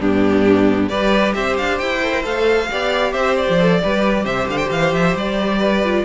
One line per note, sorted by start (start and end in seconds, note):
0.00 0.90 G2
0.00 0.90 B3
0.00 0.90 D4
0.00 0.89 G4
0.89 1.35 G3
0.89 2.02 G4
0.89 1.34 B4
0.89 1.33 D5
1.34 1.58 C4
1.34 2.70 C5
1.34 1.56 E5
1.57 1.81 D4
1.57 1.78 F5
1.78 2.24 E4
1.78 2.23 G5
2.03 2.12 A4
2.12 2.23 A#4
2.23 2.69 A3
2.23 2.68 A4
2.23 3.13 F5
2.71 3.13 B3
2.71 3.59 G4
2.71 3.12 D5
3.12 3.47 C4
3.12 3.79 C5
3.12 3.35 E5
3.36 4.25 D5
3.49 3.82 F3
3.59 3.81 A4
3.81 4.25 G3
3.81 5.83 G4
3.81 4.24 B4
4.24 4.47 C3
4.24 5.58 C5
4.24 4.48 E5
4.48 4.70 D3
4.48 4.57 F5
4.57 4.68 G5
4.71 4.92 E3
4.71 4.94 F5
4.92 5.14 F3
4.92 5.16 E5
5.14 6.04 G3
5.14 6.04 D5
5.58 6.03 B4
5.84 6.04 F4